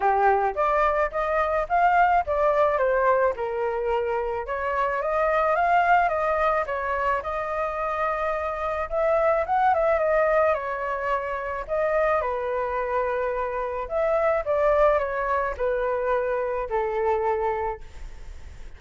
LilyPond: \new Staff \with { instrumentName = "flute" } { \time 4/4 \tempo 4 = 108 g'4 d''4 dis''4 f''4 | d''4 c''4 ais'2 | cis''4 dis''4 f''4 dis''4 | cis''4 dis''2. |
e''4 fis''8 e''8 dis''4 cis''4~ | cis''4 dis''4 b'2~ | b'4 e''4 d''4 cis''4 | b'2 a'2 | }